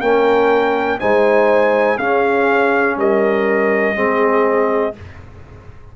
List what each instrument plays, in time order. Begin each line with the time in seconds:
0.00 tuba A#3, trombone C#4, horn A#4, trumpet G5
0.99 tuba G#3, trombone D#4, horn C5, trumpet G#5
1.97 tuba C#4, trombone C#4, horn G#4, trumpet F5
2.97 tuba G3, horn A#4, trumpet D#5
3.95 tuba G#3, trombone C4, horn G#4